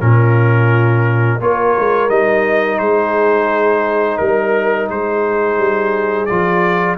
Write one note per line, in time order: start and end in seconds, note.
0.00 1.40 A#2
0.00 1.40 C#4
0.00 1.40 F4
0.00 1.40 A#4
1.40 1.75 A#3
1.40 2.09 F4
1.40 2.79 A#4
1.40 2.09 C#5
1.78 2.09 G#3
2.09 2.79 G3
2.09 6.28 D#4
2.09 2.78 D#5
2.78 4.18 G#3
2.78 4.18 G#4
2.78 4.17 C5
4.17 4.89 G3
4.17 4.87 A#4
4.17 4.88 A#4
4.89 5.57 G#3
4.89 6.97 G#4
4.89 6.25 C5
5.57 6.27 G3
6.25 6.97 F3
6.25 6.97 F4
6.25 6.95 D5